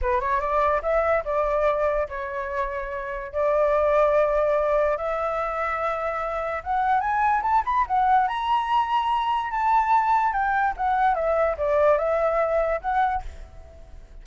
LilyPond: \new Staff \with { instrumentName = "flute" } { \time 4/4 \tempo 4 = 145 b'8 cis''8 d''4 e''4 d''4~ | d''4 cis''2. | d''1 | e''1 |
fis''4 gis''4 a''8 b''8 fis''4 | ais''2. a''4~ | a''4 g''4 fis''4 e''4 | d''4 e''2 fis''4 | }